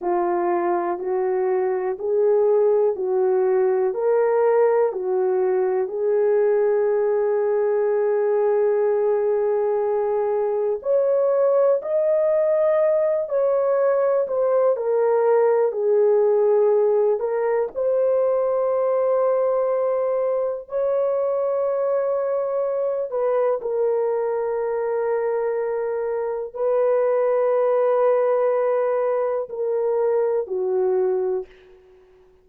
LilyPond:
\new Staff \with { instrumentName = "horn" } { \time 4/4 \tempo 4 = 61 f'4 fis'4 gis'4 fis'4 | ais'4 fis'4 gis'2~ | gis'2. cis''4 | dis''4. cis''4 c''8 ais'4 |
gis'4. ais'8 c''2~ | c''4 cis''2~ cis''8 b'8 | ais'2. b'4~ | b'2 ais'4 fis'4 | }